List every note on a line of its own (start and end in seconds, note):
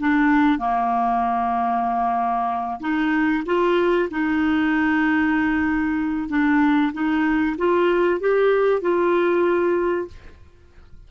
0.00 0.59 D4
0.59 2.80 A#3
2.80 3.44 D#4
3.46 4.09 F4
4.11 6.30 D#4
6.30 6.93 D4
6.93 7.56 D#4
7.58 8.20 F4
8.20 8.82 G4
8.82 10.08 F4